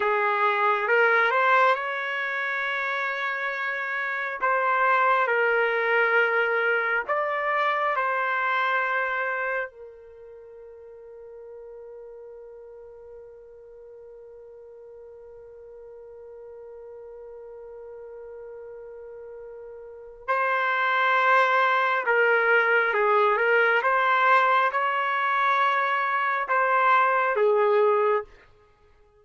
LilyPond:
\new Staff \with { instrumentName = "trumpet" } { \time 4/4 \tempo 4 = 68 gis'4 ais'8 c''8 cis''2~ | cis''4 c''4 ais'2 | d''4 c''2 ais'4~ | ais'1~ |
ais'1~ | ais'2. c''4~ | c''4 ais'4 gis'8 ais'8 c''4 | cis''2 c''4 gis'4 | }